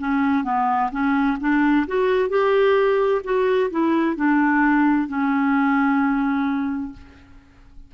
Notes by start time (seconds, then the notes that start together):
0.00 C#4
0.44 B3
0.91 C#4
1.41 D4
1.87 F#4
2.30 G4
3.24 F#4
3.71 E4
4.16 D4
5.08 C#4